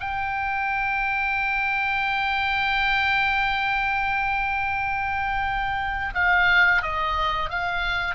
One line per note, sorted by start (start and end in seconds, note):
0.00 6.14 G5
6.14 6.82 F5
6.82 7.49 D#5
7.49 8.15 F5